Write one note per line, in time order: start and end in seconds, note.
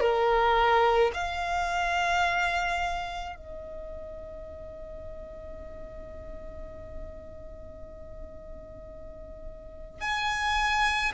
0.00 1.11 A#4
1.14 3.36 F5
3.36 10.01 D#5
10.01 11.12 G#5